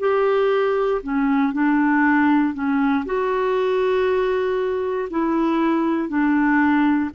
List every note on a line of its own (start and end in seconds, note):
0.00 1.02 G4
1.03 1.53 C#4
1.53 2.54 D4
2.54 3.05 C#4
3.06 5.09 F#4
5.10 6.09 E4
6.09 7.10 D4